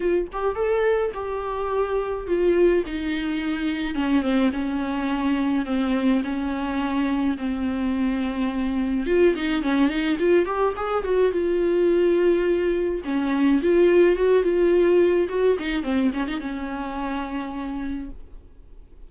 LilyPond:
\new Staff \with { instrumentName = "viola" } { \time 4/4 \tempo 4 = 106 f'8 g'8 a'4 g'2 | f'4 dis'2 cis'8 c'8 | cis'2 c'4 cis'4~ | cis'4 c'2. |
f'8 dis'8 cis'8 dis'8 f'8 g'8 gis'8 fis'8 | f'2. cis'4 | f'4 fis'8 f'4. fis'8 dis'8 | c'8 cis'16 dis'16 cis'2. | }